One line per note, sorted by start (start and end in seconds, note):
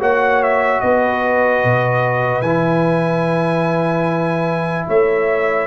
0.00 0.82 A#3
0.00 2.43 F#4
0.00 0.81 C#5
0.00 0.43 F#5
0.43 0.81 E5
0.81 1.64 B3
0.81 4.87 B4
0.81 2.42 D#5
1.64 2.42 B2
2.42 4.86 E3
2.42 5.67 E4
2.42 4.85 G#5
4.87 5.67 A3
4.87 5.67 C#5
4.87 5.67 E5